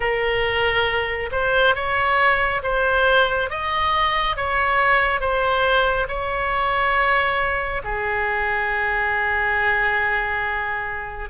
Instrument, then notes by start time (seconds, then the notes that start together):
oboe
0.00 A#4
1.31 C5
1.75 C#5
2.62 C5
3.50 D#5
4.36 C#5
5.20 C5
6.08 C#5
7.83 G#4